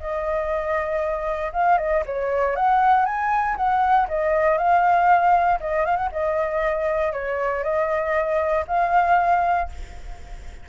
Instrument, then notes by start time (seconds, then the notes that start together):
flute
0.00 D#5
1.53 F5
1.78 D#5
2.06 C#5
2.56 F#5
3.06 G#5
3.57 F#5
4.08 D#5
4.58 F5
5.60 D#5
5.85 F5
5.97 F#5
6.12 D#5
7.13 C#5
7.64 D#5
8.68 F5